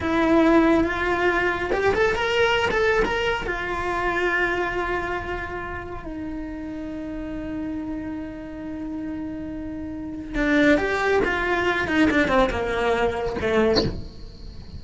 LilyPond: \new Staff \with { instrumentName = "cello" } { \time 4/4 \tempo 4 = 139 e'2 f'2 | g'8 a'8 ais'4~ ais'16 a'8. ais'4 | f'1~ | f'2 dis'2~ |
dis'1~ | dis'1 | d'4 g'4 f'4. dis'8 | d'8 c'8 ais2 a4 | }